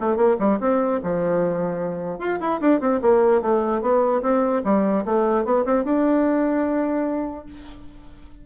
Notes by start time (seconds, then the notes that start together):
0.00 A3
0.16 A#3
0.39 G3
0.60 C4
1.04 F3
2.19 F4
2.41 E4
2.61 D4
2.80 C4
3.02 A#3
3.42 A3
3.82 B3
4.22 C4
4.65 G3
5.05 A3
5.45 B3
5.65 C4
5.85 D4